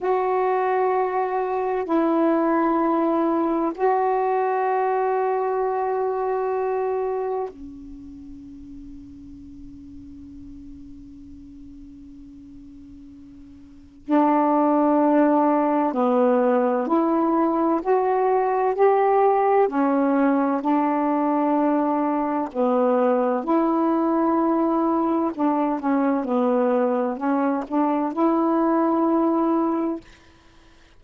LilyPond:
\new Staff \with { instrumentName = "saxophone" } { \time 4/4 \tempo 4 = 64 fis'2 e'2 | fis'1 | cis'1~ | cis'2. d'4~ |
d'4 b4 e'4 fis'4 | g'4 cis'4 d'2 | b4 e'2 d'8 cis'8 | b4 cis'8 d'8 e'2 | }